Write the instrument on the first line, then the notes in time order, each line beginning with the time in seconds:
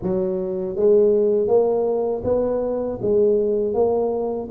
tuba
0.02 F#3
0.75 G#3
1.47 A#3
2.24 B3
3.01 G#3
3.73 A#3